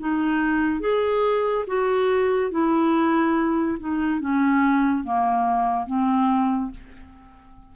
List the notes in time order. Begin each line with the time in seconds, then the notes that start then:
0.00 D#4
0.81 G#4
1.67 F#4
2.52 E4
3.80 D#4
4.21 C#4
5.04 A#3
5.87 C4